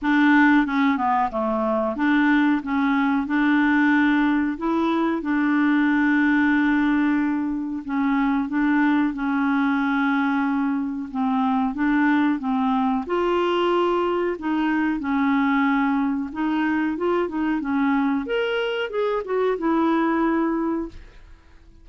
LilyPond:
\new Staff \with { instrumentName = "clarinet" } { \time 4/4 \tempo 4 = 92 d'4 cis'8 b8 a4 d'4 | cis'4 d'2 e'4 | d'1 | cis'4 d'4 cis'2~ |
cis'4 c'4 d'4 c'4 | f'2 dis'4 cis'4~ | cis'4 dis'4 f'8 dis'8 cis'4 | ais'4 gis'8 fis'8 e'2 | }